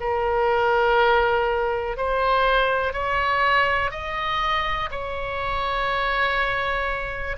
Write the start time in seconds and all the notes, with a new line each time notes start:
0.00 A#4
1.97 C5
2.93 C#5
3.91 D#5
4.90 C#5